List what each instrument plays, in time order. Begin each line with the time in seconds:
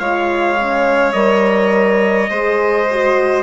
0.00 bassoon G#3, horn F4, violin C#5, trumpet F5
0.59 horn C#4
1.13 bassoon G3, horn A#4, trumpet D#5
2.30 bassoon G#3, horn G#4, violin C5
2.91 horn F#4